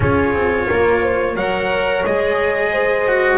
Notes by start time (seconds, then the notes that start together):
0.00 C#4 F4 G#4 C#5
0.33 C4
0.66 A#3 A#4
1.01 C5
1.35 F#3 A#4 C#5 F#5
2.05 G#3 G#4 D#5
2.71 C5
3.08 F#4